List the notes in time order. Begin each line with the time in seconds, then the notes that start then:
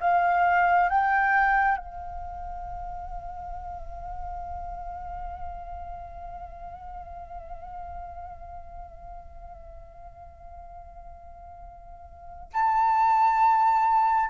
0.00 F5
0.89 G5
1.77 F5
12.53 A5